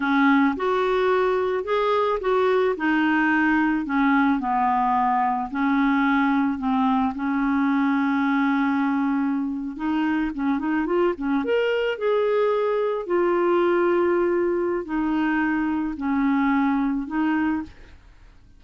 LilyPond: \new Staff \with { instrumentName = "clarinet" } { \time 4/4 \tempo 4 = 109 cis'4 fis'2 gis'4 | fis'4 dis'2 cis'4 | b2 cis'2 | c'4 cis'2.~ |
cis'4.~ cis'16 dis'4 cis'8 dis'8 f'16~ | f'16 cis'8 ais'4 gis'2 f'16~ | f'2. dis'4~ | dis'4 cis'2 dis'4 | }